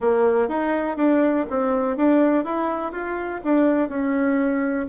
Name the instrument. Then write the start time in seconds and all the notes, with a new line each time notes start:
bassoon
0.00 A#3
0.48 D#4
0.96 D4
1.49 C4
1.96 D4
2.44 E4
2.92 F4
3.44 D4
3.88 C#4